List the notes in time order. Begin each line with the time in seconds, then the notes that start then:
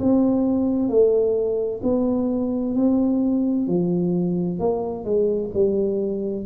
0.00 C4
0.89 A3
1.83 B3
2.76 C4
3.68 F3
4.60 A#3
5.05 G#3
5.54 G3